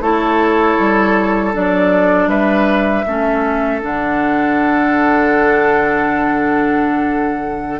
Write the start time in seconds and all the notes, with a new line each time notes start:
0.00 A3 E4 A4 C#5
0.78 G3
1.53 F#3 D4 D5
2.27 G3 B4 E5
3.06 A3 C#4 A4
3.81 D3 D4 F#5